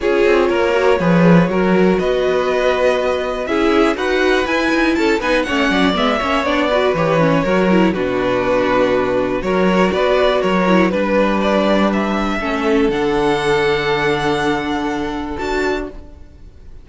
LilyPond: <<
  \new Staff \with { instrumentName = "violin" } { \time 4/4 \tempo 4 = 121 cis''1 | dis''2. e''4 | fis''4 gis''4 a''8 gis''8 fis''4 | e''4 d''4 cis''2 |
b'2. cis''4 | d''4 cis''4 b'4 d''4 | e''2 fis''2~ | fis''2. a''4 | }
  \new Staff \with { instrumentName = "violin" } { \time 4/4 gis'4 ais'4 b'4 ais'4 | b'2. gis'4 | b'2 a'8 b'8 cis''8 d''8~ | d''8 cis''4 b'4. ais'4 |
fis'2. ais'4 | b'4 ais'4 b'2~ | b'4 a'2.~ | a'1 | }
  \new Staff \with { instrumentName = "viola" } { \time 4/4 f'4. fis'8 gis'4 fis'4~ | fis'2. e'4 | fis'4 e'4. dis'8 cis'4 | b8 cis'8 d'8 fis'8 g'8 cis'8 fis'8 e'8 |
d'2. fis'4~ | fis'4. e'8 d'2~ | d'4 cis'4 d'2~ | d'2. fis'4 | }
  \new Staff \with { instrumentName = "cello" } { \time 4/4 cis'8 c'8 ais4 f4 fis4 | b2. cis'4 | dis'4 e'8 dis'8 cis'8 b8 a8 fis8 | gis8 ais8 b4 e4 fis4 |
b,2. fis4 | b4 fis4 g2~ | g4 a4 d2~ | d2. d'4 | }
>>